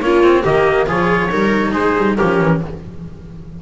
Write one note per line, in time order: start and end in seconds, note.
0.00 0.43 A#3
0.00 0.23 C#4
0.00 0.42 F4
0.00 0.44 C#5
0.23 0.44 C4
0.42 0.88 D#3
0.42 0.86 A#3
0.42 0.86 G4
0.42 0.88 D#5
0.86 1.31 F3
0.86 1.29 F4
0.86 1.30 G#4
0.86 1.74 C#5
1.31 1.74 G3
1.31 2.17 D#4
1.31 1.71 A#4
1.71 1.96 G#3
1.71 2.15 G#4
1.71 2.17 C5
1.97 2.18 G3
2.17 2.41 F3
2.17 2.61 C#4
2.17 2.60 G4
2.17 2.61 A#4
2.41 2.62 E3